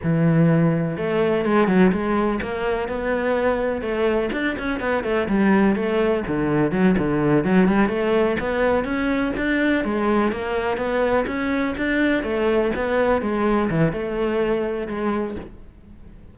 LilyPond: \new Staff \with { instrumentName = "cello" } { \time 4/4 \tempo 4 = 125 e2 a4 gis8 fis8 | gis4 ais4 b2 | a4 d'8 cis'8 b8 a8 g4 | a4 d4 fis8 d4 fis8 |
g8 a4 b4 cis'4 d'8~ | d'8 gis4 ais4 b4 cis'8~ | cis'8 d'4 a4 b4 gis8~ | gis8 e8 a2 gis4 | }